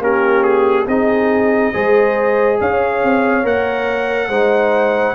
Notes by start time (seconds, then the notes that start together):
0.00 A#3 C#4 G4 A#4
0.44 G#4
0.86 C4 D#4 G#4 D#5
1.74 G#3 G#4 C5
2.61 C#4 C#5 F5
3.03 C4
3.44 A#3 A#4 F#5
4.29 G#3 D#4 C5